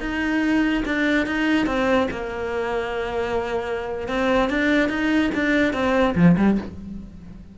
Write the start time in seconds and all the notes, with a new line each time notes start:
0.00 D#4
0.85 D4
1.26 D#4
1.66 C4
2.11 A#3
4.08 C4
4.49 D4
4.89 D#4
5.34 D4
5.73 C4
6.15 F3
6.37 G3